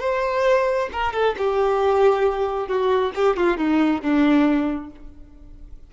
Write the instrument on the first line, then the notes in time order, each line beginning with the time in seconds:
violin
0.00 C5
0.92 A#4
1.13 A4
1.38 G4
2.68 F#4
3.15 G4
3.37 F4
3.57 D#4
4.02 D4